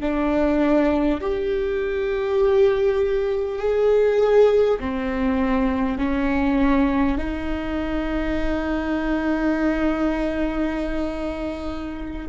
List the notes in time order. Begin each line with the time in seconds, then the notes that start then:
0.00 D4
1.20 G4
3.58 G#4
4.79 C4
5.97 C#4
7.17 D#4